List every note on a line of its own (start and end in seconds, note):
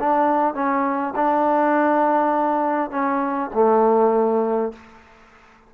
0.00 0.55 D4
0.55 1.14 C#4
1.16 2.91 D4
2.91 3.50 C#4
3.54 4.73 A3